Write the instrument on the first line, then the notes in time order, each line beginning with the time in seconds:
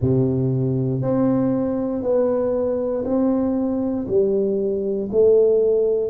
tuba
0.01 C3
1.01 C4
2.02 B3
3.05 C4
4.07 G3
5.11 A3